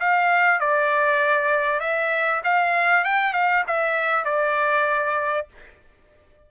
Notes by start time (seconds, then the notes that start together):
0.00 F5
0.60 D5
1.80 E5
2.44 F5
3.05 G5
3.33 F5
3.67 E5
4.25 D5